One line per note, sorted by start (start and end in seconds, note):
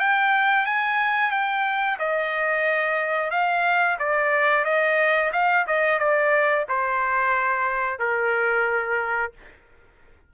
0.00 0.66 G5
0.66 1.31 G#5
1.31 1.98 G5
1.99 3.31 D#5
3.31 3.98 F5
3.99 4.65 D5
4.65 5.32 D#5
5.33 5.66 F5
5.67 5.99 D#5
5.99 6.66 D5
6.69 7.99 C5
7.99 9.33 A#4